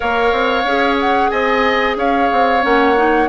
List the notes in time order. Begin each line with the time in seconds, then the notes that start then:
0.00 A#3 A#4 C#5 F5
0.32 C4
0.64 C#4 G#4
1.00 F#5
1.29 C4 D#5 G#5
1.96 C#4 C#5 F5
2.31 C4
2.62 A#3 C#4 F#5
2.95 D#4